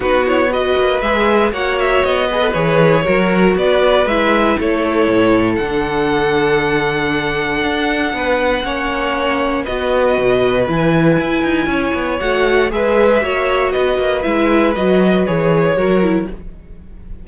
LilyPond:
<<
  \new Staff \with { instrumentName = "violin" } { \time 4/4 \tempo 4 = 118 b'8 cis''8 dis''4 e''4 fis''8 e''8 | dis''4 cis''2 d''4 | e''4 cis''2 fis''4~ | fis''1~ |
fis''2. dis''4~ | dis''4 gis''2. | fis''4 e''2 dis''4 | e''4 dis''4 cis''2 | }
  \new Staff \with { instrumentName = "violin" } { \time 4/4 fis'4 b'2 cis''4~ | cis''8 b'4. ais'4 b'4~ | b'4 a'2.~ | a'1 |
b'4 cis''2 b'4~ | b'2. cis''4~ | cis''4 b'4 cis''4 b'4~ | b'2. ais'4 | }
  \new Staff \with { instrumentName = "viola" } { \time 4/4 dis'8 e'8 fis'4 gis'4 fis'4~ | fis'8 gis'16 a'16 gis'4 fis'2 | e'2. d'4~ | d'1~ |
d'4 cis'2 fis'4~ | fis'4 e'2. | fis'4 gis'4 fis'2 | e'4 fis'4 gis'4 fis'8 e'8 | }
  \new Staff \with { instrumentName = "cello" } { \time 4/4 b4. ais8 gis4 ais4 | b4 e4 fis4 b4 | gis4 a4 a,4 d4~ | d2. d'4 |
b4 ais2 b4 | b,4 e4 e'8 dis'8 cis'8 b8 | a4 gis4 ais4 b8 ais8 | gis4 fis4 e4 fis4 | }
>>